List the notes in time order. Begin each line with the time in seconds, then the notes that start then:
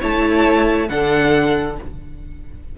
0.00 A3 E4 C#5 A5
0.89 D3 D4 A4 F#5